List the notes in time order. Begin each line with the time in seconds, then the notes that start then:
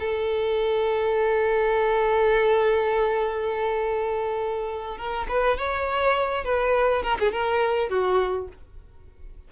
0.00 A4
4.98 A#4
5.29 B4
5.58 C#5
6.45 B4
7.03 A#4
7.20 G#4
7.32 A#4
7.89 F#4